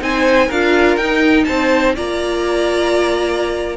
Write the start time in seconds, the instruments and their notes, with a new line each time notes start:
0.00 cello C4, viola D#4, violin C5 G#5
0.47 cello D4, viola F4, violin A#4 F5
0.97 cello D#4, viola D#4, violin G5
1.45 cello C4, violin C5 A5
1.95 cello A#3, viola F4, violin D5 A#5